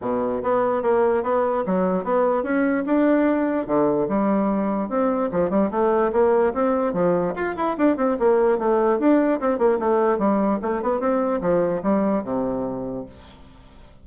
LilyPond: \new Staff \with { instrumentName = "bassoon" } { \time 4/4 \tempo 4 = 147 b,4 b4 ais4 b4 | fis4 b4 cis'4 d'4~ | d'4 d4 g2 | c'4 f8 g8 a4 ais4 |
c'4 f4 f'8 e'8 d'8 c'8 | ais4 a4 d'4 c'8 ais8 | a4 g4 a8 b8 c'4 | f4 g4 c2 | }